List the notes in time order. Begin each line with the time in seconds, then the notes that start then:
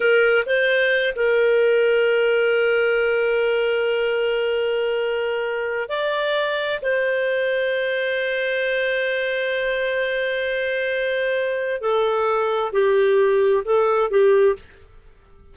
0.00 A#4
0.45 C5
1.15 A#4
5.89 D5
6.82 C5
11.81 A4
12.72 G4
13.64 A4
14.10 G4